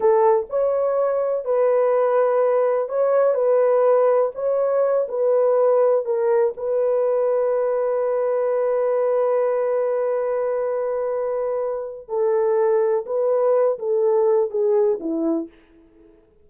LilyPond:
\new Staff \with { instrumentName = "horn" } { \time 4/4 \tempo 4 = 124 a'4 cis''2 b'4~ | b'2 cis''4 b'4~ | b'4 cis''4. b'4.~ | b'8 ais'4 b'2~ b'8~ |
b'1~ | b'1~ | b'4 a'2 b'4~ | b'8 a'4. gis'4 e'4 | }